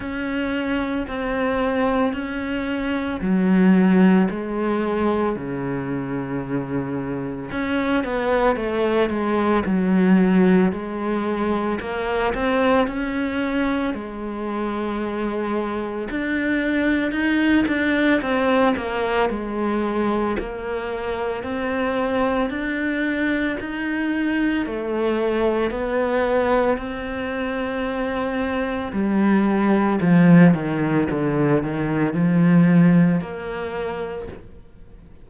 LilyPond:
\new Staff \with { instrumentName = "cello" } { \time 4/4 \tempo 4 = 56 cis'4 c'4 cis'4 fis4 | gis4 cis2 cis'8 b8 | a8 gis8 fis4 gis4 ais8 c'8 | cis'4 gis2 d'4 |
dis'8 d'8 c'8 ais8 gis4 ais4 | c'4 d'4 dis'4 a4 | b4 c'2 g4 | f8 dis8 d8 dis8 f4 ais4 | }